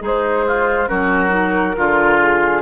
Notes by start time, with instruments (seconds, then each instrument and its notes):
0.00 bassoon G#3, oboe D#4, clarinet G#4
0.07 flute C5
0.48 oboe F4
0.87 bassoon F#3, clarinet C#4, oboe F#4, flute A#4
1.30 clarinet D#4
1.77 bassoon D3, clarinet F4, oboe F4
2.21 flute G#4